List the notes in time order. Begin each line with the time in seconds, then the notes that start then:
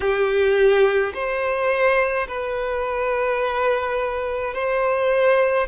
0.00 G4
1.14 C5
2.27 B4
4.53 C5